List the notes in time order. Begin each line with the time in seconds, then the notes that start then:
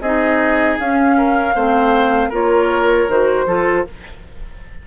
0.00 C4 D#4 G#4 D#5
0.79 C#4 F5
1.17 A#4
1.54 A3 C4 C5
2.29 A#3 F4 A#4 C#5
3.08 D#3 F#4 C5
3.46 F3 F4 A4